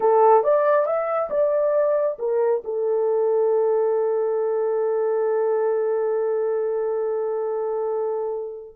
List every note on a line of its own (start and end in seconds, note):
0.00 0.43 A4
0.43 0.85 D5
0.85 1.29 E5
1.29 2.17 D5
2.18 2.62 A#4
2.64 8.76 A4